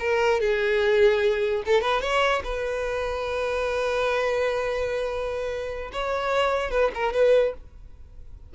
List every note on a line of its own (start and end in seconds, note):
0.00 0.41 A#4
0.41 1.63 G#4
1.66 1.82 A4
1.82 2.02 B4
2.02 2.42 C#5
2.45 5.91 B4
5.93 6.71 C#5
6.71 6.91 B4
6.95 7.13 A#4
7.13 7.54 B4